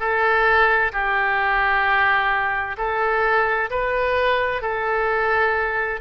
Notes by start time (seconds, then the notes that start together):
0.00 A4
0.92 G4
2.78 A4
3.70 B4
4.62 A4